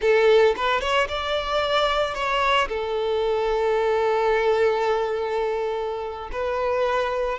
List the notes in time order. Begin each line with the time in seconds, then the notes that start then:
0.01 A4
0.56 B4
0.81 C#5
1.08 D5
2.14 C#5
2.68 A4
6.32 B4